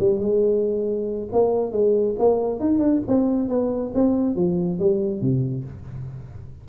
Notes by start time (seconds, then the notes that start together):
0.00 G3
0.20 G#3
1.33 A#3
1.72 G#3
2.19 A#3
2.60 D#4
2.79 D4
3.08 C4
3.49 B3
3.94 C4
4.36 F3
4.79 G3
5.21 C3